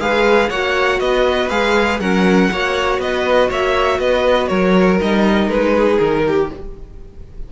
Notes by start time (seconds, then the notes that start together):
0.00 G#3 G#4 B4 F5
0.49 A#3 F#4 C#5 F#5
0.99 B3 B4 D#5
1.49 G#3 G#4 F5
1.99 F#3 C#4 A#4 F#5
2.51 A#3 F#4 C#5
2.98 B3 B4 D#5
3.49 A#3 C#5 E5
3.99 B3 B4 D#5
4.47 F#3 A#4 C#5
4.99 G3 D#4 D#5
5.48 G#3 B4
5.72 G#4
5.98 D#3 A#4
6.27 G4